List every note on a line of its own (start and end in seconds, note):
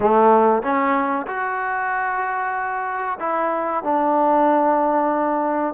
0.00 0.62 A3
0.62 1.26 C#4
1.26 3.18 F#4
3.19 3.83 E4
3.83 5.74 D4